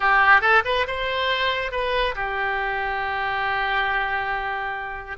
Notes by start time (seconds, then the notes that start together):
0.00 G4
0.41 A4
0.64 B4
0.87 C5
1.71 B4
2.15 G4